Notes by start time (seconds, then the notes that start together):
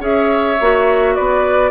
0.00 C#4 G#4 C#5 E5
0.60 A#3 F#4
1.15 B3 B4 D5